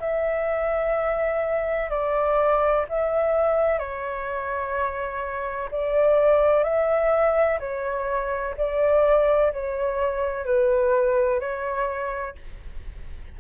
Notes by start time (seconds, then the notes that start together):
0.00 E5
1.90 D5
2.89 E5
3.79 C#5
5.71 D5
6.64 E5
7.60 C#5
8.57 D5
9.53 C#5
10.45 B4
11.40 C#5